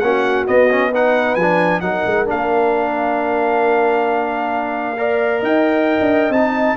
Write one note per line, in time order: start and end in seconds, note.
0.00 0.47 A#3
0.00 0.47 C#4
0.00 0.91 F#4
0.00 0.45 F#5
0.47 0.70 B3
0.47 1.36 B3
0.47 0.93 D#5
0.70 0.93 C#4
0.91 1.39 D#4
0.91 1.81 B4
0.91 1.36 F#5
1.36 1.82 F3
1.36 1.81 G#5
1.42 1.83 D4
1.81 2.04 F#3
1.81 2.27 D#4
1.81 4.98 A#4
1.81 2.26 F#5
2.06 2.29 G#3
2.27 5.43 A#3
2.27 4.97 D4
2.27 5.45 F5
4.98 6.33 A#4
4.98 5.41 D5
5.41 5.99 D#4
5.41 6.76 D#5
5.41 6.33 G5
6.01 6.30 D4
6.30 6.75 C4
6.30 6.77 D#4
6.30 6.77 A5